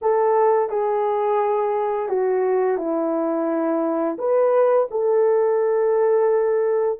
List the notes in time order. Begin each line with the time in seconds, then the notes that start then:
0.01 A4
0.69 G#4
2.09 F#4
2.77 E4
4.18 B4
4.90 A4